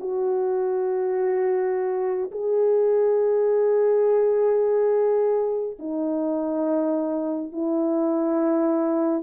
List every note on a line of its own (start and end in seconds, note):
0.00 2.31 F#4
2.31 5.77 G#4
5.80 7.53 D#4
7.53 9.23 E4